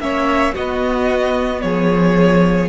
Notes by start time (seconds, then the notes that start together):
0.00 A#3 C#4 C#5 E5
0.54 B3 F#4 D#5
1.62 F3 G#4 C#5